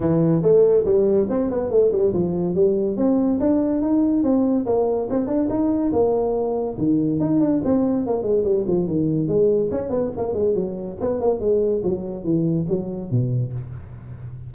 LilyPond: \new Staff \with { instrumentName = "tuba" } { \time 4/4 \tempo 4 = 142 e4 a4 g4 c'8 b8 | a8 g8 f4 g4 c'4 | d'4 dis'4 c'4 ais4 | c'8 d'8 dis'4 ais2 |
dis4 dis'8 d'8 c'4 ais8 gis8 | g8 f8 dis4 gis4 cis'8 b8 | ais8 gis8 fis4 b8 ais8 gis4 | fis4 e4 fis4 b,4 | }